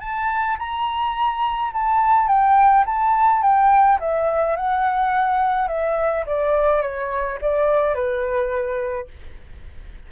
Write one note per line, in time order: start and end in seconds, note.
0.00 0.57 A5
0.58 1.72 A#5
1.73 2.28 A5
2.28 2.84 G5
2.86 3.42 A5
3.42 3.99 G5
4.00 4.56 E5
4.56 5.68 F#5
5.68 6.24 E5
6.26 6.82 D5
6.82 7.38 C#5
7.41 7.94 D5
7.94 9.07 B4